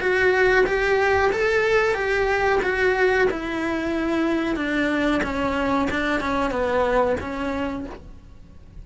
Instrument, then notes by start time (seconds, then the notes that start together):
cello
0.00 F#4
0.67 G4
1.33 A4
1.95 G4
2.63 F#4
3.31 E4
4.56 D4
5.24 C#4
5.91 D4
6.21 C#4
6.51 B3
7.20 C#4